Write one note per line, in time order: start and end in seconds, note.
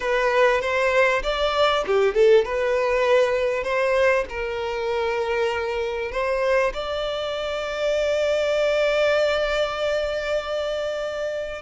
0.00 0.61 B4
0.61 1.22 C5
1.22 1.84 D5
1.86 2.14 G4
2.14 2.44 A4
2.44 3.63 B4
3.63 4.24 C5
4.29 6.11 A#4
6.11 6.72 C5
6.73 11.62 D5